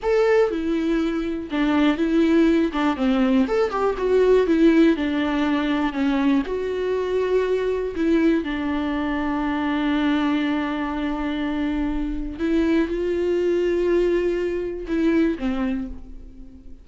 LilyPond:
\new Staff \with { instrumentName = "viola" } { \time 4/4 \tempo 4 = 121 a'4 e'2 d'4 | e'4. d'8 c'4 a'8 g'8 | fis'4 e'4 d'2 | cis'4 fis'2. |
e'4 d'2.~ | d'1~ | d'4 e'4 f'2~ | f'2 e'4 c'4 | }